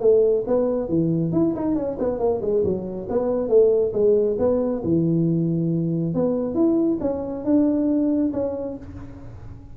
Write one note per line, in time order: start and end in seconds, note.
0.00 0.44 A3
0.47 0.88 B3
0.88 1.32 E3
1.32 1.54 E4
1.55 1.75 D#4
1.75 1.97 C#4
1.99 2.19 B3
2.19 2.41 A#3
2.41 2.63 G#3
2.64 3.07 F#3
3.09 3.48 B3
3.48 3.92 A3
3.93 4.37 G#3
4.38 4.82 B3
4.84 6.14 E3
6.14 6.55 B3
6.55 6.98 E4
7.01 7.44 C#4
7.44 8.32 D4
8.33 8.77 C#4